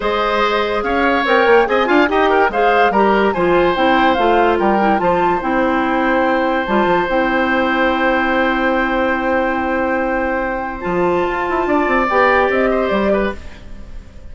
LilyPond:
<<
  \new Staff \with { instrumentName = "flute" } { \time 4/4 \tempo 4 = 144 dis''2 f''4 g''4 | gis''4 g''4 f''4 ais''4 | gis''4 g''4 f''4 g''4 | a''4 g''2. |
a''4 g''2.~ | g''1~ | g''2 a''2~ | a''4 g''4 dis''4 d''4 | }
  \new Staff \with { instrumentName = "oboe" } { \time 4/4 c''2 cis''2 | dis''8 f''8 dis''8 ais'8 c''4 ais'4 | c''2. ais'4 | c''1~ |
c''1~ | c''1~ | c''1 | d''2~ d''8 c''4 b'8 | }
  \new Staff \with { instrumentName = "clarinet" } { \time 4/4 gis'2. ais'4 | gis'8 f'8 g'4 gis'4 g'4 | f'4 e'4 f'4. e'8 | f'4 e'2. |
f'4 e'2.~ | e'1~ | e'2 f'2~ | f'4 g'2. | }
  \new Staff \with { instrumentName = "bassoon" } { \time 4/4 gis2 cis'4 c'8 ais8 | c'8 d'8 dis'4 gis4 g4 | f4 c'4 a4 g4 | f4 c'2. |
g8 f8 c'2.~ | c'1~ | c'2 f4 f'8 e'8 | d'8 c'8 b4 c'4 g4 | }
>>